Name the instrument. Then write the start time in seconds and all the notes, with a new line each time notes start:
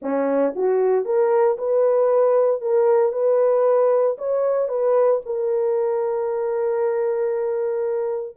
horn
0.02 C#4
0.55 F#4
1.05 A#4
1.58 B4
2.61 A#4
3.12 B4
4.17 C#5
4.68 B4
5.25 A#4